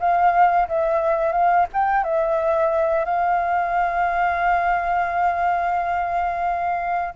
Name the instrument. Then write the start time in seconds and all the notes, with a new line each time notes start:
flute
0.00 F5
0.68 E5
1.32 F5
1.73 G5
2.04 E5
3.06 F5